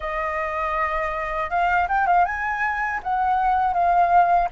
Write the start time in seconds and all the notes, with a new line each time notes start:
0.00 D#5
1.50 F5
1.88 G5
2.06 F5
2.25 G#5
3.03 F#5
3.73 F5